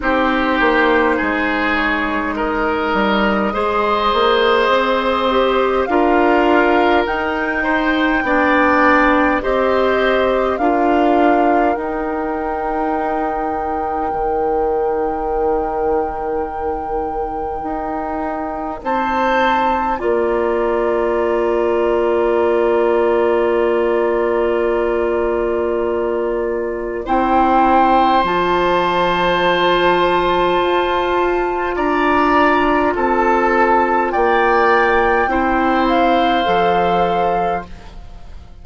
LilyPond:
<<
  \new Staff \with { instrumentName = "flute" } { \time 4/4 \tempo 4 = 51 c''4. cis''8 dis''2~ | dis''4 f''4 g''2 | dis''4 f''4 g''2~ | g''1 |
a''4 ais''2.~ | ais''2. g''4 | a''2. ais''4 | a''4 g''4. f''4. | }
  \new Staff \with { instrumentName = "oboe" } { \time 4/4 g'4 gis'4 ais'4 c''4~ | c''4 ais'4. c''8 d''4 | c''4 ais'2.~ | ais'1 |
c''4 d''2.~ | d''2. c''4~ | c''2. d''4 | a'4 d''4 c''2 | }
  \new Staff \with { instrumentName = "clarinet" } { \time 4/4 dis'2. gis'4~ | gis'8 g'8 f'4 dis'4 d'4 | g'4 f'4 dis'2~ | dis'1~ |
dis'4 f'2.~ | f'2. e'4 | f'1~ | f'2 e'4 a'4 | }
  \new Staff \with { instrumentName = "bassoon" } { \time 4/4 c'8 ais8 gis4. g8 gis8 ais8 | c'4 d'4 dis'4 b4 | c'4 d'4 dis'2 | dis2. dis'4 |
c'4 ais2.~ | ais2. c'4 | f2 f'4 d'4 | c'4 ais4 c'4 f4 | }
>>